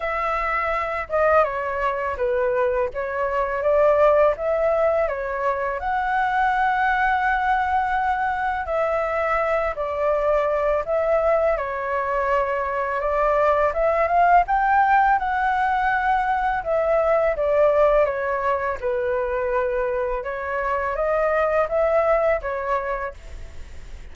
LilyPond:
\new Staff \with { instrumentName = "flute" } { \time 4/4 \tempo 4 = 83 e''4. dis''8 cis''4 b'4 | cis''4 d''4 e''4 cis''4 | fis''1 | e''4. d''4. e''4 |
cis''2 d''4 e''8 f''8 | g''4 fis''2 e''4 | d''4 cis''4 b'2 | cis''4 dis''4 e''4 cis''4 | }